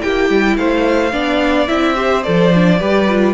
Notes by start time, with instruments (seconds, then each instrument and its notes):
0.00 cello A#3, viola E4, violin G4 G5
0.30 cello G3
0.57 cello A3, violin C5 F5
1.13 cello B3, viola D4, violin D5
1.68 cello C4, viola E4, violin E5
1.95 viola G4, violin C5
2.23 cello F3, viola A4, violin D5
2.55 viola D4
2.79 cello G3, viola G4, violin B4
3.09 viola F4